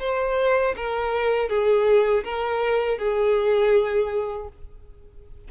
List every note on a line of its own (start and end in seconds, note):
0.00 0.75 C5
0.77 1.49 A#4
1.49 2.24 G#4
2.25 2.99 A#4
2.99 4.49 G#4